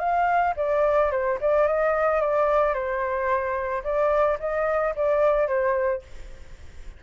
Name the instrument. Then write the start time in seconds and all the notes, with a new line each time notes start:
flute
0.00 F5
0.57 D5
1.12 C5
1.41 D5
1.68 D#5
2.21 D5
2.74 C5
3.84 D5
4.40 D#5
4.96 D5
5.48 C5